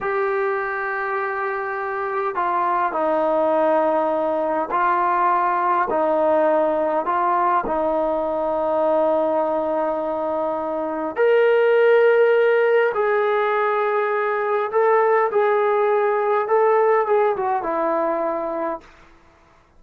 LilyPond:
\new Staff \with { instrumentName = "trombone" } { \time 4/4 \tempo 4 = 102 g'1 | f'4 dis'2. | f'2 dis'2 | f'4 dis'2.~ |
dis'2. ais'4~ | ais'2 gis'2~ | gis'4 a'4 gis'2 | a'4 gis'8 fis'8 e'2 | }